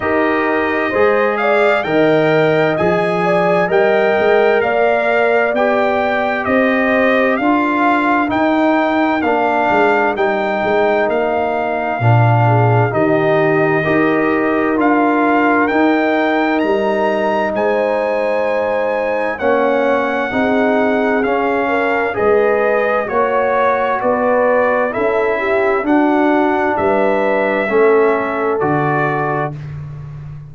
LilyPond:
<<
  \new Staff \with { instrumentName = "trumpet" } { \time 4/4 \tempo 4 = 65 dis''4. f''8 g''4 gis''4 | g''4 f''4 g''4 dis''4 | f''4 g''4 f''4 g''4 | f''2 dis''2 |
f''4 g''4 ais''4 gis''4~ | gis''4 fis''2 f''4 | dis''4 cis''4 d''4 e''4 | fis''4 e''2 d''4 | }
  \new Staff \with { instrumentName = "horn" } { \time 4/4 ais'4 c''8 d''8 dis''4. d''8 | dis''4 d''2 c''4 | ais'1~ | ais'4. gis'8 g'4 ais'4~ |
ais'2. c''4~ | c''4 cis''4 gis'4. ais'8 | b'4 cis''4 b'4 a'8 g'8 | fis'4 b'4 a'2 | }
  \new Staff \with { instrumentName = "trombone" } { \time 4/4 g'4 gis'4 ais'4 gis'4 | ais'2 g'2 | f'4 dis'4 d'4 dis'4~ | dis'4 d'4 dis'4 g'4 |
f'4 dis'2.~ | dis'4 cis'4 dis'4 cis'4 | gis'4 fis'2 e'4 | d'2 cis'4 fis'4 | }
  \new Staff \with { instrumentName = "tuba" } { \time 4/4 dis'4 gis4 dis4 f4 | g8 gis8 ais4 b4 c'4 | d'4 dis'4 ais8 gis8 g8 gis8 | ais4 ais,4 dis4 dis'4 |
d'4 dis'4 g4 gis4~ | gis4 ais4 c'4 cis'4 | gis4 ais4 b4 cis'4 | d'4 g4 a4 d4 | }
>>